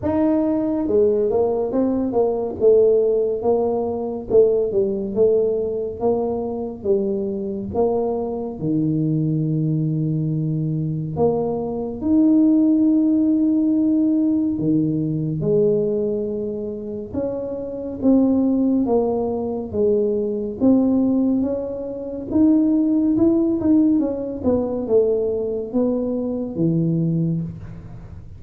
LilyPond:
\new Staff \with { instrumentName = "tuba" } { \time 4/4 \tempo 4 = 70 dis'4 gis8 ais8 c'8 ais8 a4 | ais4 a8 g8 a4 ais4 | g4 ais4 dis2~ | dis4 ais4 dis'2~ |
dis'4 dis4 gis2 | cis'4 c'4 ais4 gis4 | c'4 cis'4 dis'4 e'8 dis'8 | cis'8 b8 a4 b4 e4 | }